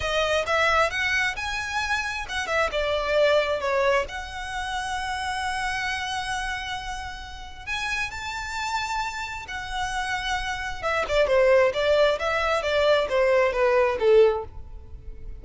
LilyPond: \new Staff \with { instrumentName = "violin" } { \time 4/4 \tempo 4 = 133 dis''4 e''4 fis''4 gis''4~ | gis''4 fis''8 e''8 d''2 | cis''4 fis''2.~ | fis''1~ |
fis''4 gis''4 a''2~ | a''4 fis''2. | e''8 d''8 c''4 d''4 e''4 | d''4 c''4 b'4 a'4 | }